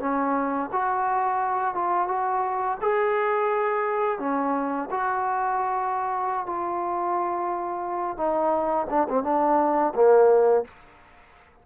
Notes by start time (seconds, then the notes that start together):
0.00 C#4
0.72 F#4
1.74 F4
2.08 F#4
2.81 G#4
4.19 C#4
4.90 F#4
6.46 F4
8.17 D#4
8.90 D4
9.09 C4
9.23 D4
9.95 A#3